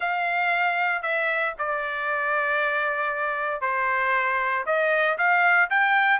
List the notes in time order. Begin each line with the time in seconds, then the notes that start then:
0.00 F5
1.02 E5
1.58 D5
3.61 C5
4.66 D#5
5.17 F5
5.70 G5